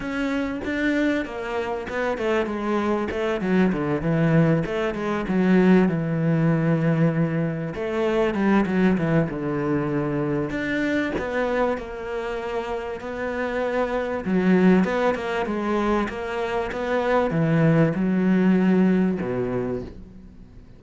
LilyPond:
\new Staff \with { instrumentName = "cello" } { \time 4/4 \tempo 4 = 97 cis'4 d'4 ais4 b8 a8 | gis4 a8 fis8 d8 e4 a8 | gis8 fis4 e2~ e8~ | e8 a4 g8 fis8 e8 d4~ |
d4 d'4 b4 ais4~ | ais4 b2 fis4 | b8 ais8 gis4 ais4 b4 | e4 fis2 b,4 | }